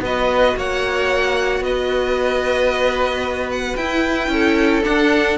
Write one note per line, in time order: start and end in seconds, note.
0.00 0.54 B3
0.00 3.79 F#4
0.00 0.57 B4
0.00 0.58 D#5
0.57 1.60 A#3
0.57 1.65 C#5
0.57 1.63 F#5
1.60 3.74 B3
1.60 4.32 B4
1.60 3.51 D#5
3.52 3.76 F#5
3.76 4.28 E4
3.76 4.83 E4
3.76 4.83 G5
4.28 4.82 C#4
4.28 5.38 A4
4.83 5.37 D4
4.83 5.38 D4
4.83 5.38 F#5